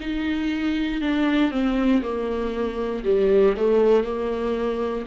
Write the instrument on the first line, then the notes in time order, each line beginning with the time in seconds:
viola
0.00 D#4
1.01 D4
1.51 C4
2.02 A#3
3.04 G3
3.56 A3
4.03 A#3